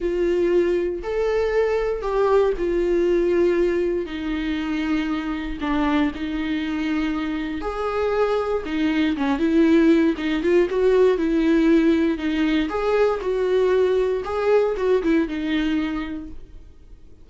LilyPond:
\new Staff \with { instrumentName = "viola" } { \time 4/4 \tempo 4 = 118 f'2 a'2 | g'4 f'2. | dis'2. d'4 | dis'2. gis'4~ |
gis'4 dis'4 cis'8 e'4. | dis'8 f'8 fis'4 e'2 | dis'4 gis'4 fis'2 | gis'4 fis'8 e'8 dis'2 | }